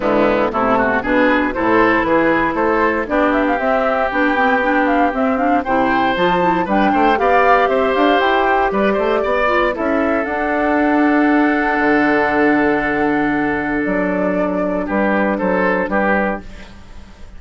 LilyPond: <<
  \new Staff \with { instrumentName = "flute" } { \time 4/4 \tempo 4 = 117 e'4 a'4 b'4 c''4 | b'4 c''4 d''8 e''16 f''16 e''4 | g''4. f''8 e''8 f''8 g''4 | a''4 g''4 f''4 e''8 f''8 |
g''4 d''2 e''4 | fis''1~ | fis''2. d''4~ | d''4 b'4 c''4 b'4 | }
  \new Staff \with { instrumentName = "oboe" } { \time 4/4 b4 e'8 fis'8 gis'4 a'4 | gis'4 a'4 g'2~ | g'2. c''4~ | c''4 b'8 c''8 d''4 c''4~ |
c''4 b'8 c''8 d''4 a'4~ | a'1~ | a'1~ | a'4 g'4 a'4 g'4 | }
  \new Staff \with { instrumentName = "clarinet" } { \time 4/4 gis4 a4 d'4 e'4~ | e'2 d'4 c'4 | d'8 c'8 d'4 c'8 d'8 e'4 | f'8 e'8 d'4 g'2~ |
g'2~ g'8 f'8 e'4 | d'1~ | d'1~ | d'1 | }
  \new Staff \with { instrumentName = "bassoon" } { \time 4/4 d4 c4 b,4 a,4 | e4 a4 b4 c'4 | b2 c'4 c4 | f4 g8 a8 b4 c'8 d'8 |
e'4 g8 a8 b4 cis'4 | d'2. d4~ | d2. fis4~ | fis4 g4 fis4 g4 | }
>>